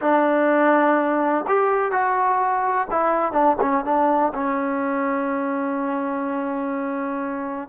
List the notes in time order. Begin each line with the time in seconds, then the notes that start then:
0.01 D4
1.47 G4
1.91 F#4
2.90 E4
3.32 D4
3.61 C#4
3.84 D4
4.34 C#4